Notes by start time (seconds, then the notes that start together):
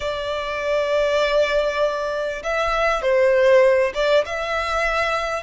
0.00 D5
2.43 E5
3.02 C5
3.94 D5
4.25 E5